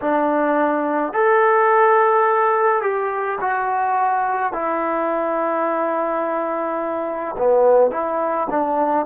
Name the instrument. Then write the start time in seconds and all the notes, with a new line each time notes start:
trombone
0.01 D4
1.13 A4
2.81 G4
3.41 F#4
4.52 E4
7.37 B3
7.90 E4
8.50 D4